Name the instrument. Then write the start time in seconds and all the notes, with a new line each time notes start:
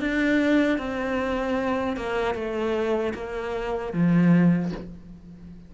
cello
0.00 D4
0.78 C4
1.97 A#3
2.34 A3
3.14 A#3
3.93 F3